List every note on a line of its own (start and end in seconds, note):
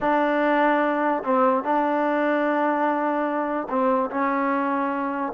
0.00 1.23 D4
1.23 1.63 C4
1.63 3.67 D4
3.69 4.10 C4
4.10 5.32 C#4